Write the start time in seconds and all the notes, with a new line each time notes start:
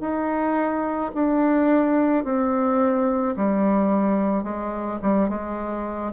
0.00 D#4
1.14 D4
2.24 C4
3.36 G3
4.43 G#3
5.02 G3
5.29 G#3